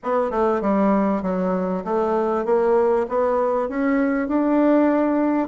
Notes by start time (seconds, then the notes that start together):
0.03 B3
0.30 A3
0.61 G3
1.22 F#3
1.84 A3
2.45 A#3
3.09 B3
3.68 C#4
4.28 D4